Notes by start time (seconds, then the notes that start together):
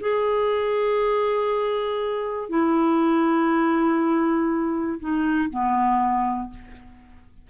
0.00 G#4
2.49 E4
4.99 D#4
5.50 B3